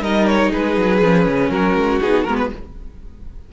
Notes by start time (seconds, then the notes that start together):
0.00 G3 D#4 A#4 D#5
0.26 C#5
0.51 G#3 G#4 B4
0.76 F#3
1.01 F3 C#4
1.26 C#3
1.49 F#3 F#4 A#4
1.74 G#3
2.00 B3 D#4 G#4
2.24 G#3 B3 A#4
2.36 B4